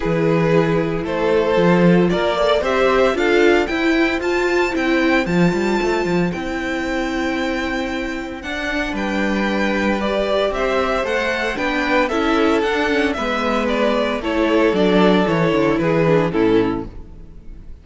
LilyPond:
<<
  \new Staff \with { instrumentName = "violin" } { \time 4/4 \tempo 4 = 114 b'2 c''2 | d''4 e''4 f''4 g''4 | a''4 g''4 a''2 | g''1 |
fis''4 g''2 d''4 | e''4 fis''4 g''4 e''4 | fis''4 e''4 d''4 cis''4 | d''4 cis''4 b'4 a'4 | }
  \new Staff \with { instrumentName = "violin" } { \time 4/4 gis'2 a'2 | ais'8 d''8 c''4 a'4 c''4~ | c''1~ | c''1~ |
c''4 b'2. | c''2 b'4 a'4~ | a'4 b'2 a'4~ | a'2 gis'4 e'4 | }
  \new Staff \with { instrumentName = "viola" } { \time 4/4 e'2. f'4~ | f'8 a'8 g'4 f'4 e'4 | f'4 e'4 f'2 | e'1 |
d'2. g'4~ | g'4 a'4 d'4 e'4 | d'8 cis'8 b2 e'4 | d'4 e'4. d'8 cis'4 | }
  \new Staff \with { instrumentName = "cello" } { \time 4/4 e2 a4 f4 | ais4 c'4 d'4 e'4 | f'4 c'4 f8 g8 a8 f8 | c'1 |
d'4 g2. | c'4 a4 b4 cis'4 | d'4 gis2 a4 | fis4 e8 d8 e4 a,4 | }
>>